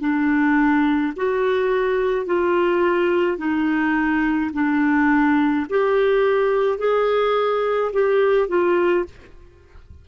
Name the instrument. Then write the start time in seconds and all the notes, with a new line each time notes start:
clarinet
0.00 D4
1.17 F#4
2.26 F4
3.38 D#4
4.53 D4
5.70 G4
6.78 G#4
7.93 G4
8.49 F4